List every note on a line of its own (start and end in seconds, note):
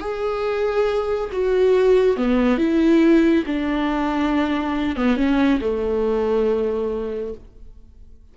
0.00 1.29 G#4
1.32 2.16 F#4
2.16 2.57 B3
2.57 3.44 E4
3.46 4.96 D4
4.96 5.16 B3
5.16 5.60 C#4
5.61 7.33 A3